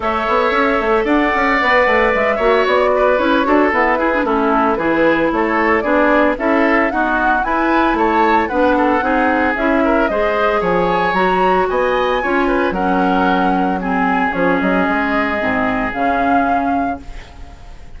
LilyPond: <<
  \new Staff \with { instrumentName = "flute" } { \time 4/4 \tempo 4 = 113 e''2 fis''2 | e''4 d''4 cis''4 b'4 | a'4 b'4 cis''4 d''4 | e''4 fis''4 gis''4 a''4 |
fis''2 e''4 dis''4 | gis''4 ais''4 gis''2 | fis''2 gis''4 cis''8 dis''8~ | dis''2 f''2 | }
  \new Staff \with { instrumentName = "oboe" } { \time 4/4 cis''2 d''2~ | d''8 cis''4 b'4 a'4 gis'8 | e'4 gis'4 a'4 gis'4 | a'4 fis'4 b'4 cis''4 |
b'8 a'8 gis'4. ais'8 c''4 | cis''2 dis''4 cis''8 b'8 | ais'2 gis'2~ | gis'1 | }
  \new Staff \with { instrumentName = "clarinet" } { \time 4/4 a'2. b'4~ | b'8 fis'4. e'8 fis'8 b8 e'16 d'16 | cis'4 e'2 d'4 | e'4 b4 e'2 |
d'4 dis'4 e'4 gis'4~ | gis'4 fis'2 f'4 | cis'2 c'4 cis'4~ | cis'4 c'4 cis'2 | }
  \new Staff \with { instrumentName = "bassoon" } { \time 4/4 a8 b8 cis'8 a8 d'8 cis'8 b8 a8 | gis8 ais8 b4 cis'8 d'8 e'4 | a4 e4 a4 b4 | cis'4 dis'4 e'4 a4 |
b4 c'4 cis'4 gis4 | f4 fis4 b4 cis'4 | fis2. f8 fis8 | gis4 gis,4 cis2 | }
>>